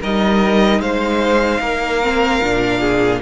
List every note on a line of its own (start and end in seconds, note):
0.00 0.79 G3
0.00 2.02 D#4
0.00 0.80 A#4
0.00 0.81 D#5
0.79 1.59 G#3
0.79 1.61 C5
0.79 3.21 F5
1.60 2.40 A#3
1.60 2.80 A#4
2.02 2.42 C4
2.43 3.21 A#2
2.43 3.21 D4
2.80 3.20 G#4